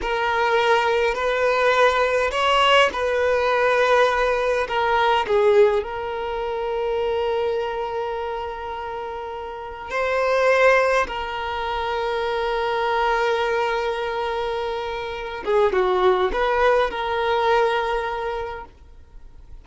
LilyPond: \new Staff \with { instrumentName = "violin" } { \time 4/4 \tempo 4 = 103 ais'2 b'2 | cis''4 b'2. | ais'4 gis'4 ais'2~ | ais'1~ |
ais'4 c''2 ais'4~ | ais'1~ | ais'2~ ais'8 gis'8 fis'4 | b'4 ais'2. | }